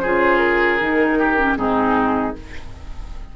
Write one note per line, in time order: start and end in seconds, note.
0.00 0.81 C#3
0.00 0.80 F4
0.00 1.19 G#4
0.00 0.38 C5
0.38 1.55 A#4
0.80 1.57 D#3
0.80 1.37 D#4
1.19 1.58 G4
1.37 1.56 C#4
1.56 2.35 G#2
1.56 2.34 C4
1.56 2.36 D#4
1.56 2.36 G#4